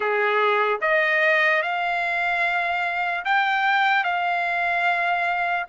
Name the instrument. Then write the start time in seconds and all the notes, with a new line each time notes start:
trumpet
0.00 G#4
0.81 D#5
1.62 F5
3.24 G5
4.04 F5